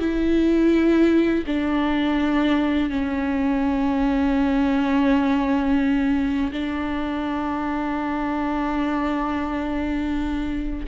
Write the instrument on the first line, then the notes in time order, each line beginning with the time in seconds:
viola
0.00 E4
1.47 D4
2.90 C#4
6.53 D4